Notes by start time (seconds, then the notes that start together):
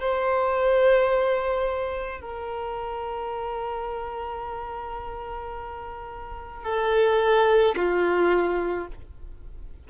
0.00 C5
2.21 A#4
6.65 A4
7.76 F4